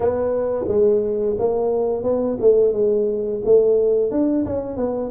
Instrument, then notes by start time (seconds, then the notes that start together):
tuba
0.00 B3
0.68 G#3
1.38 A#3
2.03 B3
2.40 A3
2.72 G#3
3.44 A3
4.11 D4
4.45 C#4
4.77 B3